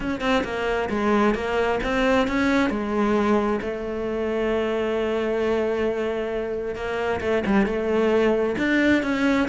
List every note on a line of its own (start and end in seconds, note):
0.00 0.20 C#4
0.20 0.43 C4
0.44 0.89 A#3
0.89 1.34 G#3
1.34 1.79 A#3
1.83 2.27 C4
2.27 2.69 C#4
2.69 3.60 G#3
3.61 6.75 A3
6.75 7.20 A#3
7.21 7.43 A3
7.46 7.65 G3
7.65 8.56 A3
8.58 9.02 D4
9.02 9.48 C#4